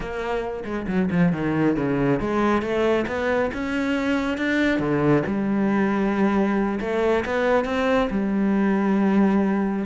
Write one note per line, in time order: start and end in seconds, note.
0.00 0.63 A#3
0.64 0.86 G#3
0.87 1.09 F#3
1.10 1.32 F3
1.32 1.76 D#3
1.76 2.20 C#3
2.20 2.62 G#3
2.62 3.05 A3
3.07 3.51 B3
3.53 4.37 C#4
4.37 4.79 D4
4.79 5.23 D3
5.26 6.79 G3
6.80 7.24 A3
7.25 7.64 B3
7.64 8.08 C4
8.10 9.85 G3